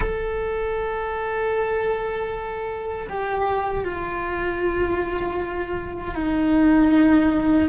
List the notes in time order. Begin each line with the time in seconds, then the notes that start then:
0.00 A4
3.09 G4
3.84 F4
6.15 D#4